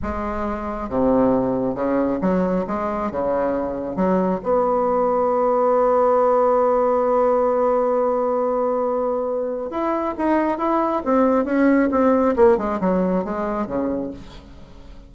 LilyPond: \new Staff \with { instrumentName = "bassoon" } { \time 4/4 \tempo 4 = 136 gis2 c2 | cis4 fis4 gis4 cis4~ | cis4 fis4 b2~ | b1~ |
b1~ | b2 e'4 dis'4 | e'4 c'4 cis'4 c'4 | ais8 gis8 fis4 gis4 cis4 | }